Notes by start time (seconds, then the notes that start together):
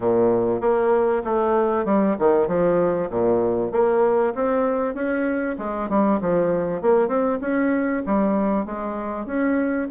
0.00 A#2
0.60 A#3
1.24 A3
1.85 G3
2.18 D#3
2.47 F3
3.09 A#2
3.71 A#3
4.35 C4
4.94 C#4
5.58 G#3
5.89 G3
6.20 F3
6.81 A#3
7.08 C4
7.41 C#4
8.06 G3
8.65 G#3
9.26 C#4